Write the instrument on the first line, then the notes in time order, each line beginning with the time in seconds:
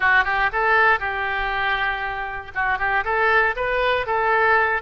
oboe
0.00 F#4
0.24 G4
0.52 A4
0.99 G4
2.54 F#4
2.78 G4
3.04 A4
3.55 B4
4.06 A4